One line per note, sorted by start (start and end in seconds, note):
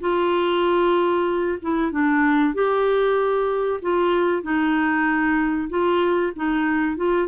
0.00 1.58 F4
1.62 1.91 E4
1.91 2.54 D4
2.54 3.80 G4
3.82 4.42 F4
4.42 5.69 D#4
5.69 6.32 F4
6.36 6.96 D#4
6.96 7.27 F4